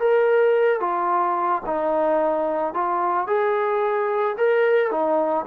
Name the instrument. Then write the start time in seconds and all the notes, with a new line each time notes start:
trombone
0.00 A#4
0.81 F4
1.66 D#4
2.74 F4
3.27 G#4
4.38 A#4
4.91 D#4